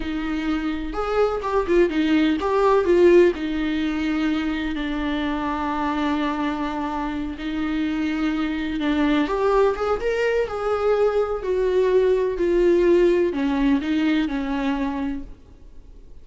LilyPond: \new Staff \with { instrumentName = "viola" } { \time 4/4 \tempo 4 = 126 dis'2 gis'4 g'8 f'8 | dis'4 g'4 f'4 dis'4~ | dis'2 d'2~ | d'2.~ d'8 dis'8~ |
dis'2~ dis'8 d'4 g'8~ | g'8 gis'8 ais'4 gis'2 | fis'2 f'2 | cis'4 dis'4 cis'2 | }